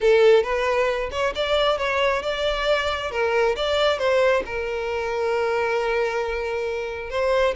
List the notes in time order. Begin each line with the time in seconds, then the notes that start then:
0.01 A4
0.43 B4
1.11 C#5
1.35 D5
1.78 C#5
2.22 D5
3.11 A#4
3.56 D5
3.98 C5
4.45 A#4
7.09 C5